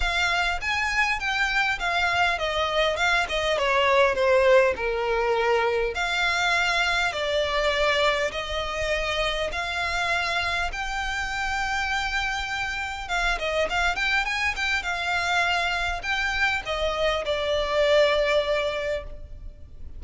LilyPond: \new Staff \with { instrumentName = "violin" } { \time 4/4 \tempo 4 = 101 f''4 gis''4 g''4 f''4 | dis''4 f''8 dis''8 cis''4 c''4 | ais'2 f''2 | d''2 dis''2 |
f''2 g''2~ | g''2 f''8 dis''8 f''8 g''8 | gis''8 g''8 f''2 g''4 | dis''4 d''2. | }